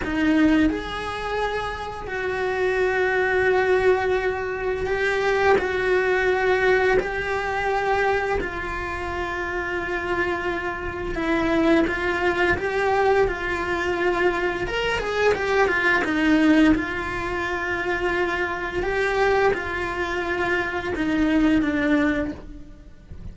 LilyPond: \new Staff \with { instrumentName = "cello" } { \time 4/4 \tempo 4 = 86 dis'4 gis'2 fis'4~ | fis'2. g'4 | fis'2 g'2 | f'1 |
e'4 f'4 g'4 f'4~ | f'4 ais'8 gis'8 g'8 f'8 dis'4 | f'2. g'4 | f'2 dis'4 d'4 | }